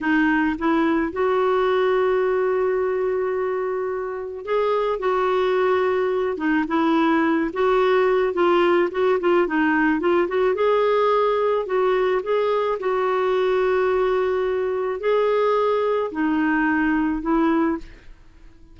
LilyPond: \new Staff \with { instrumentName = "clarinet" } { \time 4/4 \tempo 4 = 108 dis'4 e'4 fis'2~ | fis'1 | gis'4 fis'2~ fis'8 dis'8 | e'4. fis'4. f'4 |
fis'8 f'8 dis'4 f'8 fis'8 gis'4~ | gis'4 fis'4 gis'4 fis'4~ | fis'2. gis'4~ | gis'4 dis'2 e'4 | }